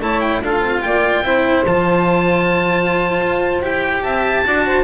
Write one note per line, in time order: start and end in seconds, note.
0.00 0.41 A3
0.00 0.43 E4
0.00 0.40 C#5
0.00 0.20 A5
0.20 0.41 G5
0.40 0.60 D4
0.40 1.24 F4
0.40 0.82 A4
0.40 0.82 F5
0.60 0.81 C4
0.82 1.21 A#3
0.82 1.25 D5
0.82 1.64 G5
1.21 1.63 C4
1.21 1.66 E4
1.21 4.03 C5
1.66 3.20 F3
1.66 3.62 F4
1.66 3.62 A5
3.20 3.61 F4
3.61 4.03 E4
3.61 4.44 G4
3.61 4.02 G5
4.02 4.44 C4
4.02 4.44 E5
4.02 4.83 A5
4.45 4.83 D4
4.45 4.83 F#4
4.45 4.66 D5
4.66 4.83 C5